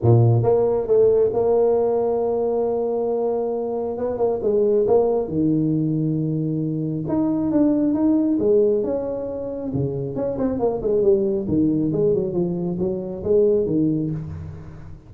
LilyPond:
\new Staff \with { instrumentName = "tuba" } { \time 4/4 \tempo 4 = 136 ais,4 ais4 a4 ais4~ | ais1~ | ais4 b8 ais8 gis4 ais4 | dis1 |
dis'4 d'4 dis'4 gis4 | cis'2 cis4 cis'8 c'8 | ais8 gis8 g4 dis4 gis8 fis8 | f4 fis4 gis4 dis4 | }